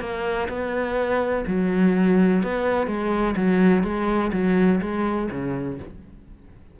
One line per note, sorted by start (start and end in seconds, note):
0.00 0.48 A#3
0.48 1.44 B3
1.47 2.43 F#3
2.43 2.87 B3
2.87 3.35 G#3
3.36 3.83 F#3
3.83 4.31 G#3
4.33 4.81 F#3
4.81 5.29 G#3
5.31 5.79 C#3